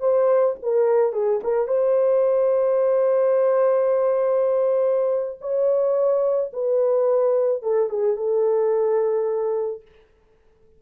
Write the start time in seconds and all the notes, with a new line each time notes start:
0.00 C5
0.62 A#4
1.13 G#4
1.44 A#4
1.68 C5
5.41 C#5
6.53 B4
7.63 A4
7.89 G#4
8.17 A4